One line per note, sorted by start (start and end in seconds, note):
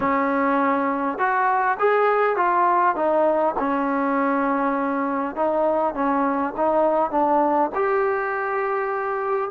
0.00 1.18 C#4
1.18 1.77 F#4
1.79 2.36 G#4
2.36 2.95 F4
2.95 3.55 D#4
3.58 5.35 C#4
5.35 5.94 D#4
5.94 6.53 C#4
6.56 7.10 D#4
7.10 7.70 D4
7.74 9.50 G4